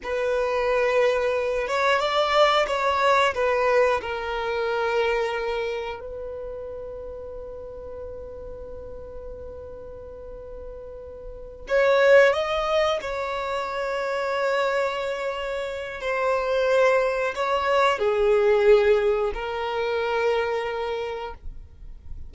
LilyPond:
\new Staff \with { instrumentName = "violin" } { \time 4/4 \tempo 4 = 90 b'2~ b'8 cis''8 d''4 | cis''4 b'4 ais'2~ | ais'4 b'2.~ | b'1~ |
b'4. cis''4 dis''4 cis''8~ | cis''1 | c''2 cis''4 gis'4~ | gis'4 ais'2. | }